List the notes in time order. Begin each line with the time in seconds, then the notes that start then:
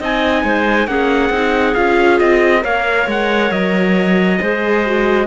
0.00 C4 D#4 D#5 G#5
0.44 G#3 C5
0.87 A#3 C#4 G#4 F#5
1.30 C4 D#4
1.75 C#4 F4 F5
2.19 C4 D#5
2.61 A#3 A#4 C#5 F5
3.07 G#3 F#5
3.51 F#3 D#5
4.41 G#3 G#4 C5
4.86 F#4